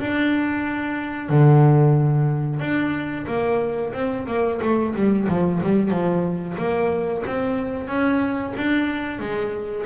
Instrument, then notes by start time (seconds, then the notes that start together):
double bass
0.00 D4
1.29 D3
2.60 D4
3.27 A#3
3.94 C4
4.27 A#3
4.62 A3
4.95 G3
5.28 F3
5.63 G3
5.91 F3
6.58 A#3
7.27 C4
7.88 C#4
8.57 D4
9.19 G#3